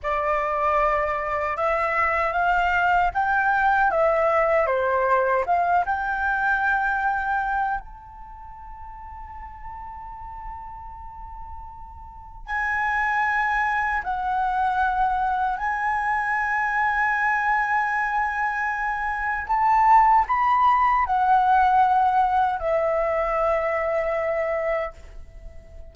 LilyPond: \new Staff \with { instrumentName = "flute" } { \time 4/4 \tempo 4 = 77 d''2 e''4 f''4 | g''4 e''4 c''4 f''8 g''8~ | g''2 a''2~ | a''1 |
gis''2 fis''2 | gis''1~ | gis''4 a''4 b''4 fis''4~ | fis''4 e''2. | }